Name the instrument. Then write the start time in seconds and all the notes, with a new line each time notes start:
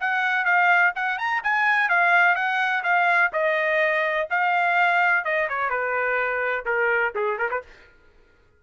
trumpet
0.00 F#5
0.45 F5
0.95 F#5
1.18 A#5
1.43 G#5
1.89 F5
2.35 F#5
2.83 F5
3.32 D#5
4.30 F5
5.24 D#5
5.49 C#5
5.70 B4
6.65 A#4
7.15 G#4
7.38 A#4
7.50 B4